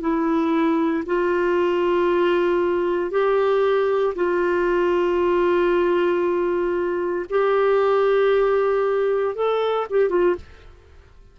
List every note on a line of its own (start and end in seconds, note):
0.00 1.03 E4
1.05 3.10 F4
3.10 4.14 G4
4.15 7.25 F4
7.29 9.35 G4
9.35 9.87 A4
9.90 10.09 G4
10.09 10.34 F4